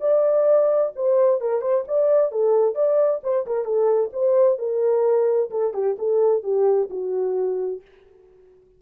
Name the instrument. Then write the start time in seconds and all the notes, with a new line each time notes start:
horn
0.00 D5
0.95 C5
1.41 A#4
1.61 C5
1.88 D5
2.32 A4
2.74 D5
3.23 C5
3.46 A#4
3.65 A4
4.12 C5
4.58 A#4
5.50 A4
5.74 G4
5.98 A4
6.43 G4
6.90 F#4